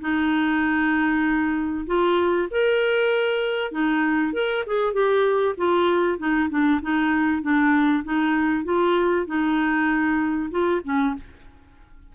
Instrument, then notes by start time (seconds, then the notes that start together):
clarinet
0.00 D#4
1.86 F4
2.51 A#4
3.71 D#4
4.33 A#4
4.66 G#4
4.93 G4
5.57 F4
6.18 D#4
6.49 D4
6.82 D#4
7.41 D4
8.04 D#4
8.64 F4
9.26 D#4
10.50 F4
10.84 C#4